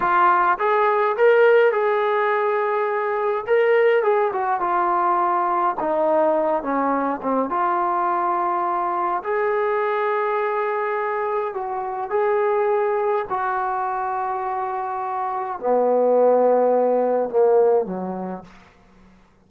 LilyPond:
\new Staff \with { instrumentName = "trombone" } { \time 4/4 \tempo 4 = 104 f'4 gis'4 ais'4 gis'4~ | gis'2 ais'4 gis'8 fis'8 | f'2 dis'4. cis'8~ | cis'8 c'8 f'2. |
gis'1 | fis'4 gis'2 fis'4~ | fis'2. b4~ | b2 ais4 fis4 | }